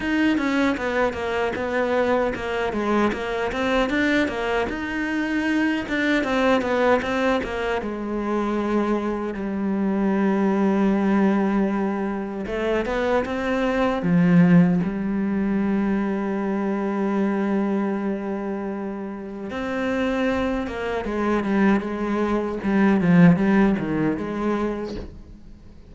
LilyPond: \new Staff \with { instrumentName = "cello" } { \time 4/4 \tempo 4 = 77 dis'8 cis'8 b8 ais8 b4 ais8 gis8 | ais8 c'8 d'8 ais8 dis'4. d'8 | c'8 b8 c'8 ais8 gis2 | g1 |
a8 b8 c'4 f4 g4~ | g1~ | g4 c'4. ais8 gis8 g8 | gis4 g8 f8 g8 dis8 gis4 | }